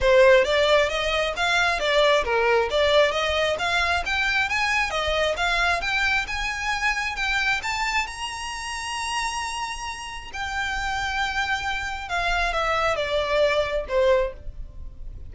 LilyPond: \new Staff \with { instrumentName = "violin" } { \time 4/4 \tempo 4 = 134 c''4 d''4 dis''4 f''4 | d''4 ais'4 d''4 dis''4 | f''4 g''4 gis''4 dis''4 | f''4 g''4 gis''2 |
g''4 a''4 ais''2~ | ais''2. g''4~ | g''2. f''4 | e''4 d''2 c''4 | }